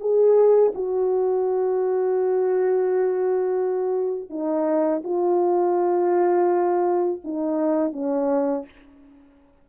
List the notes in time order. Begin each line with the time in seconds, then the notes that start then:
0.00 G#4
0.75 F#4
4.30 D#4
5.04 F4
7.24 D#4
7.92 C#4